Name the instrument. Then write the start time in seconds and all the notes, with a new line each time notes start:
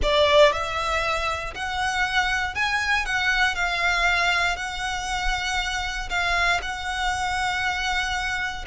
violin
0.02 D5
0.52 E5
1.54 F#5
2.54 G#5
3.05 F#5
3.55 F5
4.56 F#5
6.09 F5
6.61 F#5